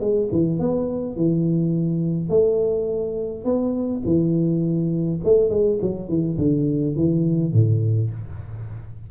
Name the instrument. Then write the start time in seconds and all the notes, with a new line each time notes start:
tuba
0.00 G#3
0.32 E3
0.59 B3
1.16 E3
2.29 A3
3.44 B3
4.05 E3
5.24 A3
5.49 G#3
5.81 F#3
6.08 E3
6.38 D3
6.95 E3
7.53 A2